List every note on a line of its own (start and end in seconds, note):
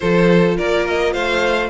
0.00 0.59 F3
0.00 1.70 F4
0.00 0.57 A4
0.00 0.57 C5
0.57 1.15 A#3
0.57 1.12 A#4
0.57 0.86 D5
0.87 1.13 D#5
1.12 1.70 A3
1.12 1.69 C5
1.12 1.70 F5